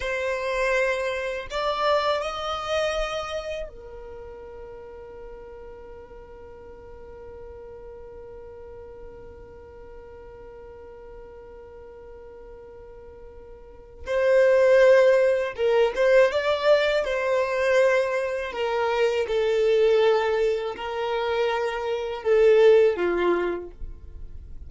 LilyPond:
\new Staff \with { instrumentName = "violin" } { \time 4/4 \tempo 4 = 81 c''2 d''4 dis''4~ | dis''4 ais'2.~ | ais'1~ | ais'1~ |
ais'2. c''4~ | c''4 ais'8 c''8 d''4 c''4~ | c''4 ais'4 a'2 | ais'2 a'4 f'4 | }